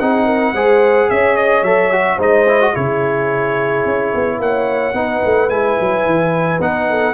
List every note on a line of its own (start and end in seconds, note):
0.00 0.53 C4
0.00 0.56 D#4
0.00 0.25 G#4
0.00 1.10 F#5
0.25 0.53 A#4
0.53 1.08 G#3
0.53 1.65 G#4
0.53 1.10 C5
1.10 1.62 C#4
1.10 2.16 C#5
1.10 1.37 E5
1.37 1.64 D#5
1.62 2.17 F#3
1.62 1.92 A4
1.62 2.19 E5
1.92 2.19 F#4
2.16 2.73 G#3
2.16 2.47 D#4
2.16 2.71 C5
2.16 2.76 D#5
2.48 2.60 E4
2.60 2.74 F#4
2.73 3.85 C#3
2.73 4.94 E4
2.73 4.39 G#4
2.73 4.41 C#5
3.85 4.13 C#4
4.14 4.39 B3
4.39 4.93 A#3
4.39 4.96 C#5
4.39 5.50 F#5
4.93 5.21 B3
4.93 5.49 D#4
4.93 6.89 B4
5.25 5.50 A3
5.50 5.77 G#3
5.50 6.60 E4
5.50 6.60 G#5
5.80 6.06 F#3
6.06 6.60 E3
6.60 7.14 B3
6.60 7.14 D#4
6.60 7.14 F#5
6.89 7.14 A4